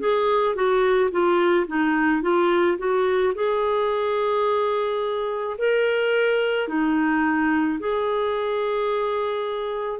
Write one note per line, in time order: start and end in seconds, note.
0.00 0.56 G#4
0.56 1.11 F#4
1.12 1.67 F4
1.68 2.23 D#4
2.23 2.78 F4
2.79 3.34 F#4
3.35 5.57 G#4
5.59 6.68 A#4
6.68 7.79 D#4
7.80 10.00 G#4